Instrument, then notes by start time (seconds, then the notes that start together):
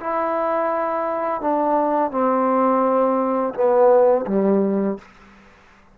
trombone
0.00 E4
1.41 D4
2.11 C4
3.54 B3
4.27 G3